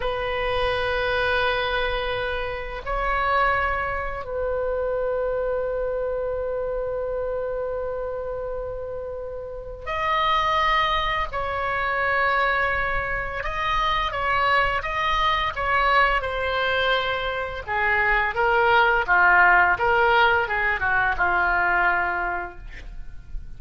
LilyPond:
\new Staff \with { instrumentName = "oboe" } { \time 4/4 \tempo 4 = 85 b'1 | cis''2 b'2~ | b'1~ | b'2 dis''2 |
cis''2. dis''4 | cis''4 dis''4 cis''4 c''4~ | c''4 gis'4 ais'4 f'4 | ais'4 gis'8 fis'8 f'2 | }